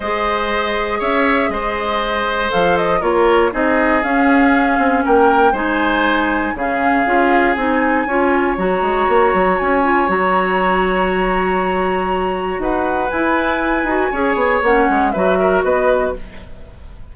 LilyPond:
<<
  \new Staff \with { instrumentName = "flute" } { \time 4/4 \tempo 4 = 119 dis''2 e''4 dis''4~ | dis''4 f''8 dis''8 cis''4 dis''4 | f''2 g''4 gis''4~ | gis''4 f''2 gis''4~ |
gis''4 ais''2 gis''4 | ais''1~ | ais''4 fis''4 gis''2~ | gis''4 fis''4 e''4 dis''4 | }
  \new Staff \with { instrumentName = "oboe" } { \time 4/4 c''2 cis''4 c''4~ | c''2 ais'4 gis'4~ | gis'2 ais'4 c''4~ | c''4 gis'2. |
cis''1~ | cis''1~ | cis''4 b'2. | cis''2 b'8 ais'8 b'4 | }
  \new Staff \with { instrumentName = "clarinet" } { \time 4/4 gis'1~ | gis'4 a'4 f'4 dis'4 | cis'2. dis'4~ | dis'4 cis'4 f'4 dis'4 |
f'4 fis'2~ fis'8 f'8 | fis'1~ | fis'2 e'4. fis'8 | gis'4 cis'4 fis'2 | }
  \new Staff \with { instrumentName = "bassoon" } { \time 4/4 gis2 cis'4 gis4~ | gis4 f4 ais4 c'4 | cis'4. c'8 ais4 gis4~ | gis4 cis4 cis'4 c'4 |
cis'4 fis8 gis8 ais8 fis8 cis'4 | fis1~ | fis4 dis'4 e'4. dis'8 | cis'8 b8 ais8 gis8 fis4 b4 | }
>>